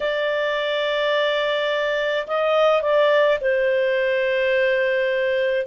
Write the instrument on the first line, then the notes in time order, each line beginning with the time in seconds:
clarinet
0.00 D5
2.27 D#5
2.81 D5
3.40 C5